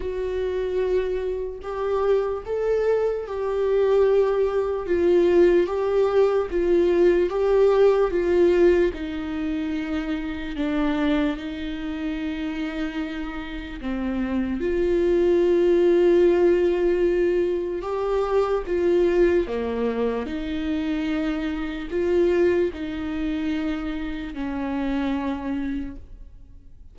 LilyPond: \new Staff \with { instrumentName = "viola" } { \time 4/4 \tempo 4 = 74 fis'2 g'4 a'4 | g'2 f'4 g'4 | f'4 g'4 f'4 dis'4~ | dis'4 d'4 dis'2~ |
dis'4 c'4 f'2~ | f'2 g'4 f'4 | ais4 dis'2 f'4 | dis'2 cis'2 | }